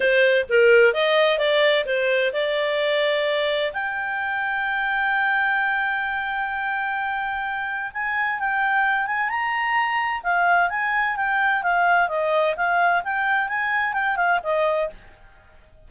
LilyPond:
\new Staff \with { instrumentName = "clarinet" } { \time 4/4 \tempo 4 = 129 c''4 ais'4 dis''4 d''4 | c''4 d''2. | g''1~ | g''1~ |
g''4 gis''4 g''4. gis''8 | ais''2 f''4 gis''4 | g''4 f''4 dis''4 f''4 | g''4 gis''4 g''8 f''8 dis''4 | }